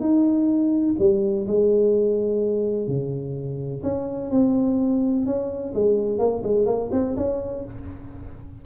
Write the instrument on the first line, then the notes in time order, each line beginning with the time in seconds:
tuba
0.00 D#4
0.99 G3
1.47 G#3
2.87 C#3
3.83 C#4
4.31 C4
5.26 C#4
5.74 G#3
6.18 A#3
6.43 G#3
6.66 A#3
6.92 C4
7.16 C#4